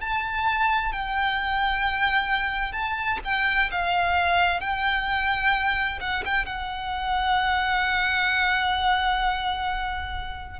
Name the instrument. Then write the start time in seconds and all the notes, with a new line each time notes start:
violin
0.00 A5
0.92 G5
2.72 A5
3.24 G5
3.71 F5
4.60 G5
6.00 F#5
6.25 G5
6.45 F#5